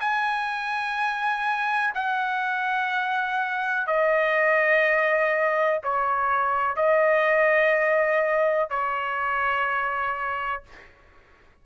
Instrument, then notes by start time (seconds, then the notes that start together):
trumpet
0.00 G#5
1.94 F#5
3.87 D#5
5.83 C#5
6.76 D#5
8.70 C#5